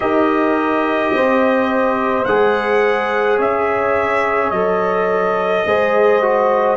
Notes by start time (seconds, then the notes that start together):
0.00 D#4 G4 A#4 D#5
1.12 C4 C5
2.24 G#3 G#4 F#5
3.37 C#4 C#5 E5
4.50 F#3 A4 D#5
5.65 G#3 G#4 C5
6.22 F#4